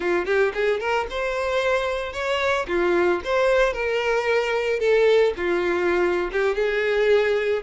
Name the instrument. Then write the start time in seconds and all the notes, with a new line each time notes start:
violin
0.00 F4
0.25 G4
0.54 G#4
0.80 A#4
1.10 C5
2.12 C#5
2.67 F4
3.24 C5
3.73 A#4
4.79 A4
5.36 F4
6.32 G4
6.55 G#4